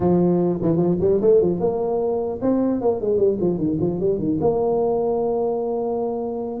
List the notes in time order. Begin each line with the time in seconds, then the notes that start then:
0.00 F3
0.61 E3
0.76 F3
1.00 G3
1.21 A3
1.41 F3
1.59 A#3
2.41 C4
2.81 A#3
3.00 G#3
3.17 G3
3.40 F3
3.57 D#3
3.80 F3
4.00 G3
4.18 D#3
4.40 A#3